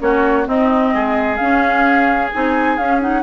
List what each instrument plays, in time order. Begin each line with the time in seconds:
0.00 bassoon A#3, clarinet C#4, oboe F#4, flute C#5
0.46 clarinet C4, bassoon C4, oboe D#4, flute D#5
0.94 bassoon G#3, oboe G#4
1.37 clarinet C#4, bassoon C#4, flute F5
2.34 bassoon C4, clarinet D#4, flute G#5
2.77 bassoon C#4, clarinet C#4, flute F5
3.02 clarinet D#4, flute F#5